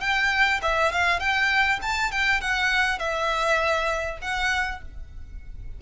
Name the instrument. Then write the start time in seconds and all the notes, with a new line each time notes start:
violin
0.00 G5
0.62 E5
0.92 F5
1.19 G5
1.82 A5
2.11 G5
2.40 F#5
2.98 E5
4.21 F#5